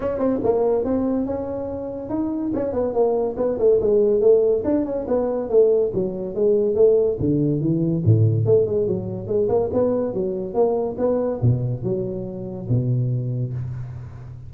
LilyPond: \new Staff \with { instrumentName = "tuba" } { \time 4/4 \tempo 4 = 142 cis'8 c'8 ais4 c'4 cis'4~ | cis'4 dis'4 cis'8 b8 ais4 | b8 a8 gis4 a4 d'8 cis'8 | b4 a4 fis4 gis4 |
a4 d4 e4 a,4 | a8 gis8 fis4 gis8 ais8 b4 | fis4 ais4 b4 b,4 | fis2 b,2 | }